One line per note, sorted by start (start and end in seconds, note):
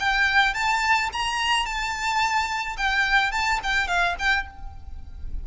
0.00 0.54 G5
0.54 1.10 A5
1.13 1.66 A#5
1.66 2.77 A5
2.77 3.32 G5
3.32 3.60 A5
3.63 3.88 G5
3.88 4.16 F5
4.19 4.47 G5